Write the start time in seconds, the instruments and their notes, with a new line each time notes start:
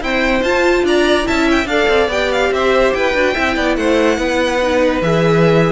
0.00 viola C4, cello E4, violin C5 G5
0.42 cello F4, viola F4, violin A5
0.83 cello D4, violin D5 A#5
1.24 cello C#4, viola E4, violin E5 A5
1.51 violin G5
1.66 cello D4, viola A4, violin D5 F5
1.88 cello C4
2.08 cello B3, viola G4, violin G5
2.32 violin F5
2.51 cello C4, violin C5 E5
2.93 cello E4, violin B4 G5
3.14 cello D4, viola F#4
3.34 cello C4, viola E4, violin E5
3.55 cello B3, violin D5
3.76 cello A3, violin C5 F#5
4.18 cello B3, violin B4
4.61 viola D#4
5.01 cello E3, viola G#4, violin E5